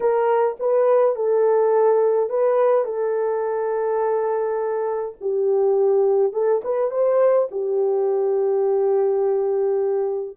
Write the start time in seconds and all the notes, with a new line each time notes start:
0.00 A#4
0.59 B4
1.15 A4
2.29 B4
2.84 A4
5.20 G4
6.33 A4
6.63 B4
6.90 C5
7.51 G4